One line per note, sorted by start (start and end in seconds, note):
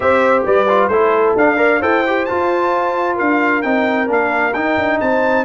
0.00 0.45 C4
0.00 0.67 G4
0.00 0.45 C5
0.00 0.43 E5
0.45 0.88 G3
0.45 0.90 B4
0.45 0.88 D5
0.68 0.91 F4
0.88 1.34 A3
0.88 1.37 E4
0.88 1.58 A4
0.88 1.33 C5
1.36 1.81 D4
1.36 1.57 D4
1.36 1.82 F5
1.57 1.80 A#4
1.57 1.80 D5
1.80 2.27 E4
1.80 2.04 A4
1.80 3.15 C5
1.80 2.25 G5
2.06 2.29 G4
2.25 3.63 F4
2.25 3.20 F4
2.25 3.16 A5
3.15 3.64 D4
3.15 4.97 A#4
3.15 3.62 F5
3.62 4.09 C4
3.62 4.06 D#4
3.62 4.07 G5
4.06 4.54 A#3
4.06 4.52 D4
4.06 4.53 F5
4.53 4.76 D#4
4.53 5.45 D#4
4.53 4.98 G5
4.77 4.99 D4
5.00 5.45 C4
5.00 5.45 C5
5.00 5.45 A5